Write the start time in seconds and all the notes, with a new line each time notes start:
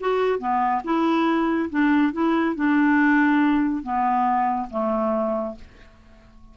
0.00 F#4
0.39 B3
0.84 E4
1.70 D4
2.13 E4
2.55 D4
3.83 B3
4.70 A3